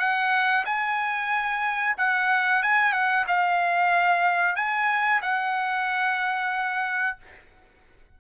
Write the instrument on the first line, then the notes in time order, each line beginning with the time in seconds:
trumpet
0.00 F#5
0.66 G#5
1.98 F#5
2.63 G#5
2.93 F#5
3.28 F5
4.56 G#5
5.22 F#5